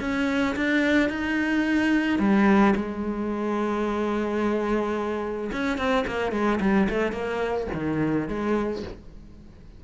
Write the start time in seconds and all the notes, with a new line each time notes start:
0.00 C#4
0.56 D4
1.09 D#4
2.19 G3
2.75 G#3
5.52 C#4
5.77 C4
6.07 A#3
6.32 G#3
6.60 G3
6.89 A3
7.12 A#3
7.74 D#3
8.28 G#3